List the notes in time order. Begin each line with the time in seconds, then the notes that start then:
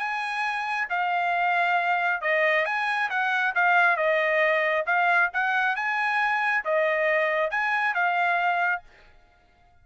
0.00 G#5
0.90 F5
2.22 D#5
2.66 G#5
3.10 F#5
3.55 F5
3.97 D#5
4.86 F5
5.34 F#5
5.76 G#5
6.65 D#5
7.51 G#5
7.94 F5